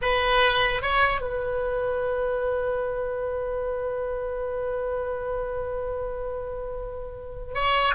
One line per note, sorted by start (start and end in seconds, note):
0.01 0.82 B4
0.82 1.20 C#5
1.20 7.54 B4
7.54 7.94 C#5